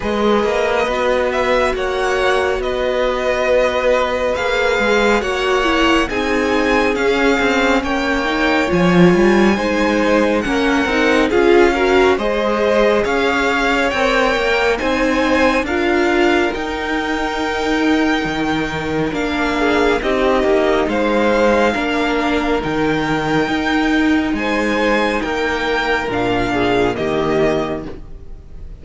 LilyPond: <<
  \new Staff \with { instrumentName = "violin" } { \time 4/4 \tempo 4 = 69 dis''4. e''8 fis''4 dis''4~ | dis''4 f''4 fis''4 gis''4 | f''4 g''4 gis''2 | fis''4 f''4 dis''4 f''4 |
g''4 gis''4 f''4 g''4~ | g''2 f''4 dis''4 | f''2 g''2 | gis''4 g''4 f''4 dis''4 | }
  \new Staff \with { instrumentName = "violin" } { \time 4/4 b'2 cis''4 b'4~ | b'2 cis''4 gis'4~ | gis'4 cis''2 c''4 | ais'4 gis'8 ais'8 c''4 cis''4~ |
cis''4 c''4 ais'2~ | ais'2~ ais'8 gis'8 g'4 | c''4 ais'2. | c''4 ais'4. gis'8 g'4 | }
  \new Staff \with { instrumentName = "viola" } { \time 4/4 gis'4 fis'2.~ | fis'4 gis'4 fis'8 e'8 dis'4 | cis'4. dis'8 f'4 dis'4 | cis'8 dis'8 f'8 fis'8 gis'2 |
ais'4 dis'4 f'4 dis'4~ | dis'2 d'4 dis'4~ | dis'4 d'4 dis'2~ | dis'2 d'4 ais4 | }
  \new Staff \with { instrumentName = "cello" } { \time 4/4 gis8 ais8 b4 ais4 b4~ | b4 ais8 gis8 ais4 c'4 | cis'8 c'8 ais4 f8 g8 gis4 | ais8 c'8 cis'4 gis4 cis'4 |
c'8 ais8 c'4 d'4 dis'4~ | dis'4 dis4 ais4 c'8 ais8 | gis4 ais4 dis4 dis'4 | gis4 ais4 ais,4 dis4 | }
>>